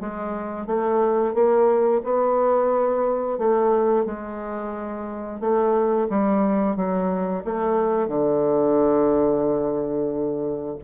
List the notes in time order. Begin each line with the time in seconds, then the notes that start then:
0.00 G#3
0.66 A3
1.34 A#3
2.03 B3
3.38 A3
4.05 G#3
5.40 A3
6.09 G3
6.76 F#3
7.44 A3
8.07 D3